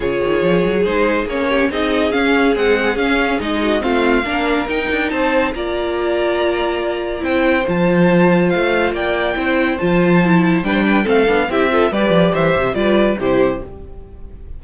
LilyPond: <<
  \new Staff \with { instrumentName = "violin" } { \time 4/4 \tempo 4 = 141 cis''2 c''4 cis''4 | dis''4 f''4 fis''4 f''4 | dis''4 f''2 g''4 | a''4 ais''2.~ |
ais''4 g''4 a''2 | f''4 g''2 a''4~ | a''4 g''4 f''4 e''4 | d''4 e''4 d''4 c''4 | }
  \new Staff \with { instrumentName = "violin" } { \time 4/4 gis'2.~ gis'8 g'8 | gis'1~ | gis'8 fis'8 f'4 ais'2 | c''4 d''2.~ |
d''4 c''2.~ | c''4 d''4 c''2~ | c''4 b'16 c''16 b'8 a'4 g'8 a'8 | b'4 c''4 b'4 g'4 | }
  \new Staff \with { instrumentName = "viola" } { \time 4/4 f'2 dis'4 cis'4 | dis'4 cis'4 gis4 cis'4 | dis'4 c'4 d'4 dis'4~ | dis'4 f'2.~ |
f'4 e'4 f'2~ | f'2 e'4 f'4 | e'4 d'4 c'8 d'8 e'8 f'8 | g'2 f'4 e'4 | }
  \new Staff \with { instrumentName = "cello" } { \time 4/4 cis8 dis8 f8 fis8 gis4 ais4 | c'4 cis'4 c'4 cis'4 | gis4 a4 ais4 dis'8 d'8 | c'4 ais2.~ |
ais4 c'4 f2 | a4 ais4 c'4 f4~ | f4 g4 a8 b8 c'4 | g8 f8 e8 c8 g4 c4 | }
>>